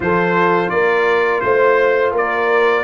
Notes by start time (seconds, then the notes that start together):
0.00 F3 F4 A4 C5
0.69 A#3 A#4 D5
1.40 A3 C5
2.12 A#3 A#4 D5